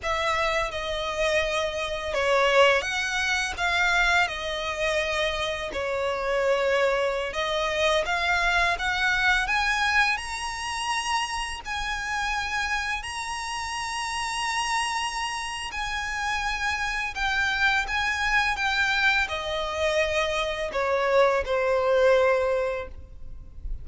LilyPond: \new Staff \with { instrumentName = "violin" } { \time 4/4 \tempo 4 = 84 e''4 dis''2 cis''4 | fis''4 f''4 dis''2 | cis''2~ cis''16 dis''4 f''8.~ | f''16 fis''4 gis''4 ais''4.~ ais''16~ |
ais''16 gis''2 ais''4.~ ais''16~ | ais''2 gis''2 | g''4 gis''4 g''4 dis''4~ | dis''4 cis''4 c''2 | }